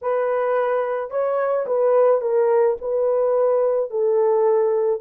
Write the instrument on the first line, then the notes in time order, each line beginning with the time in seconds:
horn
0.01 B4
1.10 C#5
1.66 B4
2.21 A#4
2.81 B4
3.90 A4